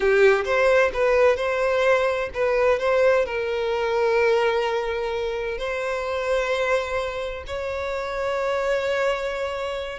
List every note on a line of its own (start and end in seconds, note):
0.00 0.44 G4
0.44 0.91 C5
0.93 1.36 B4
1.36 2.29 C5
2.33 2.79 B4
2.79 3.25 C5
3.25 5.58 A#4
5.58 7.44 C5
7.46 9.99 C#5